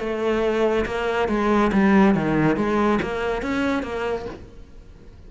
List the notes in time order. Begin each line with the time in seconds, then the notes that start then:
0.00 A3
0.86 A#3
1.29 G#3
1.73 G3
2.15 D#3
2.57 G#3
3.02 A#3
3.42 C#4
3.83 A#3